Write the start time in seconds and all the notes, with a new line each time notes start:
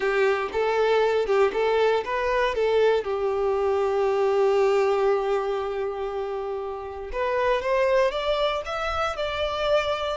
0.00 G4
0.52 A4
1.26 G4
1.53 A4
2.04 B4
2.54 A4
3.03 G4
7.12 B4
7.61 C5
8.11 D5
8.65 E5
9.16 D5